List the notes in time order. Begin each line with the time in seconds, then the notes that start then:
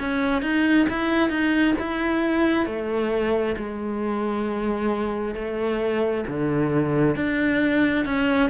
0.00 C#4
0.42 D#4
0.90 E4
1.30 D#4
1.79 E4
2.67 A3
3.57 G#3
5.35 A3
6.28 D3
7.16 D4
8.06 C#4